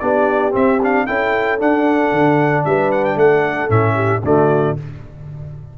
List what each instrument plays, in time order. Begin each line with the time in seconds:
0.00 tuba B3, trombone D4, horn G4, trumpet D5
0.51 trombone C4, tuba C4, trumpet E5
0.83 trombone D4, trumpet F5
1.07 tuba C#4, trombone E4, horn A4, trumpet G5
1.59 trombone D4, tuba D4, trumpet F#5
2.12 tuba D3
2.65 tuba G3, horn B4, trumpet E5
2.92 trumpet F#5
3.05 trumpet G5
3.16 tuba A3, horn A4, trumpet F#5
3.70 tuba A2, trombone C#4, trumpet E5
3.95 horn G4
4.23 tuba D3, trombone A3, horn F#4, trumpet D5